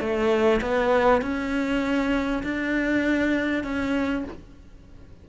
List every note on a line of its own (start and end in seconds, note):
0.00 0.61 A3
0.61 1.22 B3
1.22 2.43 C#4
2.43 3.64 D4
3.64 4.24 C#4